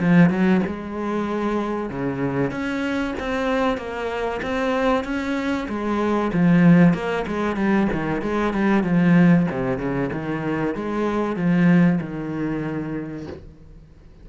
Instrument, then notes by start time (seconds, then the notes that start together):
cello
0.00 F3
0.30 F#3
0.67 G#3
1.90 C#3
2.51 C#4
3.19 C4
3.78 A#3
4.42 C4
5.04 C#4
5.69 G#3
6.33 F3
6.94 A#3
7.27 G#3
7.56 G3
7.93 D#3
8.22 G#3
8.53 G3
8.83 F3
9.51 C3
9.78 C#3
10.13 D#3
10.75 G#3
11.36 F3
12.01 D#3